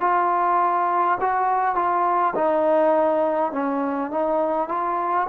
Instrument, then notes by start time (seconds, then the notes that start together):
trombone
0.00 F4
1.20 F#4
1.75 F4
2.35 D#4
3.52 C#4
4.11 D#4
4.68 F4